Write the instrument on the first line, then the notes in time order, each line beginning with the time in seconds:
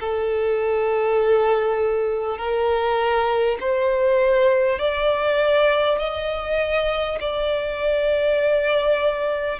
violin
0.00 A4
2.38 A#4
3.61 C5
4.79 D5
5.98 D#5
7.21 D5